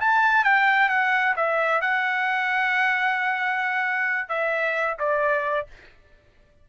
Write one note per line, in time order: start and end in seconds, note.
0.00 0.44 A5
0.44 0.89 G5
0.89 1.34 F#5
1.36 1.81 E5
1.81 4.28 F#5
4.28 4.96 E5
4.98 5.67 D5